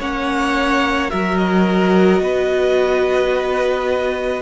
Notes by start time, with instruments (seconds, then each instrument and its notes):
0.00 cello A#3, viola C#4, violin C#5 F#5
1.10 cello F#3, viola F#4, violin A#4 E5
1.38 violin D#5
2.21 cello B3, violin B4